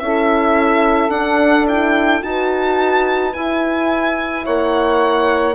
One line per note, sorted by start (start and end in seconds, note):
0.00 1.10 C#4
0.00 1.10 E4
0.00 2.26 A4
0.00 1.11 E5
1.10 1.65 D4
1.10 2.21 D4
1.10 1.66 F#5
1.68 2.22 E4
1.68 2.24 G5
2.22 3.35 D#4
2.22 3.33 F#4
2.22 4.44 B4
2.22 3.34 A5
3.34 5.56 E4
3.34 4.47 E4
3.34 4.45 G#5
4.44 5.56 A#3
4.44 5.55 C#5
4.44 5.56 F#5